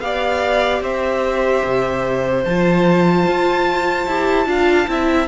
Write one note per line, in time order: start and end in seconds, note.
0.00 0.80 B3
0.00 2.45 G4
0.00 0.83 D5
0.00 0.81 F5
0.80 1.61 C4
0.80 4.47 C5
0.80 2.44 E5
1.64 2.45 C3
2.44 3.27 F3
2.44 4.08 F4
2.44 5.27 A5
3.27 4.06 F4
4.06 4.46 E4
4.06 4.46 G4
4.46 4.86 D4
4.46 4.86 F4
4.46 4.89 F5
4.87 5.27 C4
4.87 5.27 E4
4.87 5.27 E5